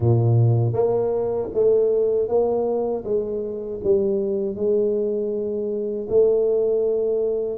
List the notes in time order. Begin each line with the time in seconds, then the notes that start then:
0.00 A#2
0.73 A#3
1.53 A3
2.28 A#3
3.04 G#3
3.83 G3
4.55 G#3
6.09 A3